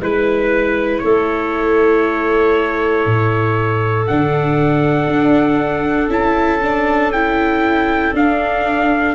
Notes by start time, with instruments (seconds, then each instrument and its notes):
0.00 tuba G#3, viola E4, clarinet B4, trumpet B4
0.99 tuba A3, clarinet A4, trumpet C#5
3.05 tuba A2
4.07 tuba D3, viola D4, trumpet F#5
5.06 tuba D4
6.07 tuba C#4, viola E4, trumpet A5
6.61 viola D4
7.11 viola E4, trumpet G5
8.13 tuba D4, viola D4, trumpet F5